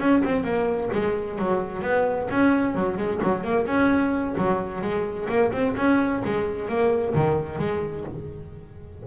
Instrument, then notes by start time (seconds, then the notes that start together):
double bass
0.00 C#4
0.25 C4
0.44 A#3
0.93 G#3
1.39 F#3
1.82 B3
2.31 C#4
2.75 F#3
2.98 G#3
3.23 F#3
3.44 A#3
3.67 C#4
4.37 F#3
4.81 G#3
5.29 A#3
5.53 C4
5.77 C#4
6.25 G#3
6.69 A#3
7.15 D#3
7.59 G#3